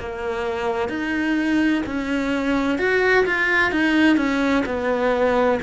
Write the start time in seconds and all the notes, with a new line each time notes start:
0.00 A#3
0.89 D#4
1.86 C#4
2.79 F#4
3.26 F4
3.72 D#4
4.17 C#4
4.66 B3